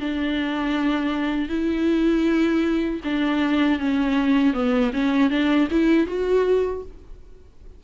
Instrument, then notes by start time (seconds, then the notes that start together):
viola
0.00 D4
1.49 E4
3.04 D4
3.79 C#4
4.53 B3
4.93 C#4
5.30 D4
5.71 E4
6.07 F#4